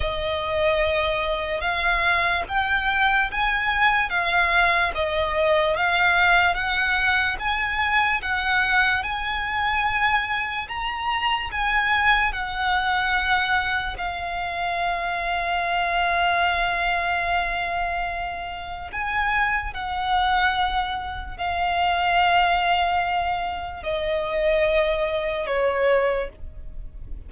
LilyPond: \new Staff \with { instrumentName = "violin" } { \time 4/4 \tempo 4 = 73 dis''2 f''4 g''4 | gis''4 f''4 dis''4 f''4 | fis''4 gis''4 fis''4 gis''4~ | gis''4 ais''4 gis''4 fis''4~ |
fis''4 f''2.~ | f''2. gis''4 | fis''2 f''2~ | f''4 dis''2 cis''4 | }